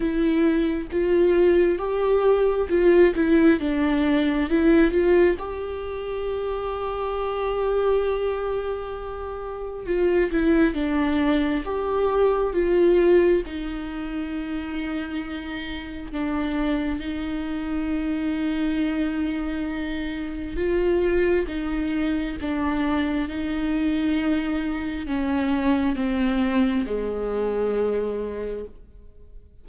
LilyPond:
\new Staff \with { instrumentName = "viola" } { \time 4/4 \tempo 4 = 67 e'4 f'4 g'4 f'8 e'8 | d'4 e'8 f'8 g'2~ | g'2. f'8 e'8 | d'4 g'4 f'4 dis'4~ |
dis'2 d'4 dis'4~ | dis'2. f'4 | dis'4 d'4 dis'2 | cis'4 c'4 gis2 | }